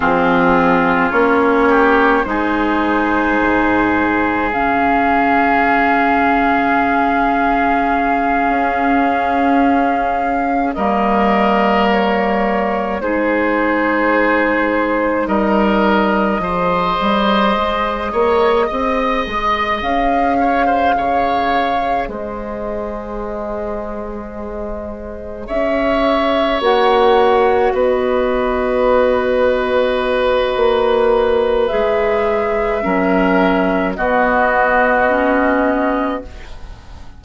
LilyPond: <<
  \new Staff \with { instrumentName = "flute" } { \time 4/4 \tempo 4 = 53 gis'4 cis''4 c''2 | f''1~ | f''4. dis''4 cis''4 c''8~ | c''4. dis''2~ dis''8~ |
dis''4. f''2 dis''8~ | dis''2~ dis''8 e''4 fis''8~ | fis''8 dis''2.~ dis''8 | e''2 dis''2 | }
  \new Staff \with { instrumentName = "oboe" } { \time 4/4 f'4. g'8 gis'2~ | gis'1~ | gis'4. ais'2 gis'8~ | gis'4. ais'4 c''4. |
cis''8 dis''4. cis''16 c''16 cis''4 c''8~ | c''2~ c''8 cis''4.~ | cis''8 b'2.~ b'8~ | b'4 ais'4 fis'2 | }
  \new Staff \with { instrumentName = "clarinet" } { \time 4/4 c'4 cis'4 dis'2 | cis'1~ | cis'4. ais2 dis'8~ | dis'2~ dis'8 gis'4.~ |
gis'1~ | gis'2.~ gis'8 fis'8~ | fis'1 | gis'4 cis'4 b4 cis'4 | }
  \new Staff \with { instrumentName = "bassoon" } { \time 4/4 f4 ais4 gis4 gis,4 | cis2.~ cis8 cis'8~ | cis'4. g2 gis8~ | gis4. g4 f8 g8 gis8 |
ais8 c'8 gis8 cis'4 cis4 gis8~ | gis2~ gis8 cis'4 ais8~ | ais8 b2~ b8 ais4 | gis4 fis4 b2 | }
>>